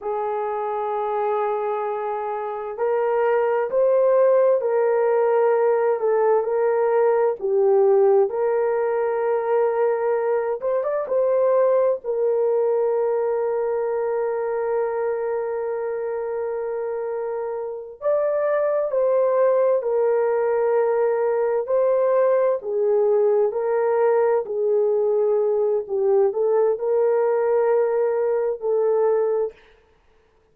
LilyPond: \new Staff \with { instrumentName = "horn" } { \time 4/4 \tempo 4 = 65 gis'2. ais'4 | c''4 ais'4. a'8 ais'4 | g'4 ais'2~ ais'8 c''16 d''16 | c''4 ais'2.~ |
ais'2.~ ais'8 d''8~ | d''8 c''4 ais'2 c''8~ | c''8 gis'4 ais'4 gis'4. | g'8 a'8 ais'2 a'4 | }